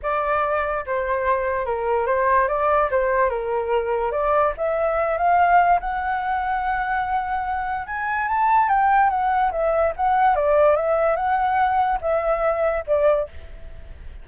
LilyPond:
\new Staff \with { instrumentName = "flute" } { \time 4/4 \tempo 4 = 145 d''2 c''2 | ais'4 c''4 d''4 c''4 | ais'2 d''4 e''4~ | e''8 f''4. fis''2~ |
fis''2. gis''4 | a''4 g''4 fis''4 e''4 | fis''4 d''4 e''4 fis''4~ | fis''4 e''2 d''4 | }